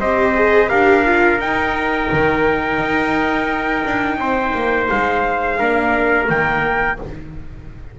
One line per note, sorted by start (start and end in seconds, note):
0.00 0.70 C4
0.00 0.35 G4
0.00 0.69 C5
0.00 0.69 D#5
0.35 0.69 G#4
0.69 1.39 D4
0.69 1.04 G4
0.69 4.18 A#4
0.69 1.39 F5
1.05 1.39 F4
1.39 2.09 D#4
1.39 5.60 D#4
1.39 4.89 G5
2.12 2.79 D#3
2.79 3.83 D#4
3.85 4.18 D4
4.18 4.53 C4
4.18 5.59 C5
4.54 4.89 A#3
4.90 5.61 G#3
4.90 6.29 F5
5.59 6.29 A#3
5.59 6.26 D4
5.59 6.98 A#4
6.26 6.99 D#3
6.26 6.96 A#3
6.26 6.99 G5